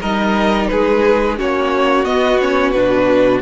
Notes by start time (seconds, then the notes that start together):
0.00 G3 D#4 A#4 D#5
0.67 G#3 G#4 B4
1.37 A#3 C#4 F#4 C#5
2.04 B3 D#5
2.40 C#4 C#5
2.70 B2 D4 B4